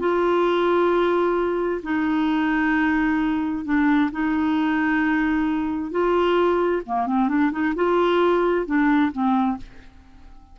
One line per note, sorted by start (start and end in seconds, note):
0.00 1.82 F4
1.83 3.65 D#4
3.65 4.11 D4
4.12 5.92 D#4
5.92 6.82 F4
6.86 7.07 A#3
7.07 7.29 C4
7.29 7.51 D4
7.52 7.74 D#4
7.75 8.66 F4
8.66 9.12 D4
9.12 9.58 C4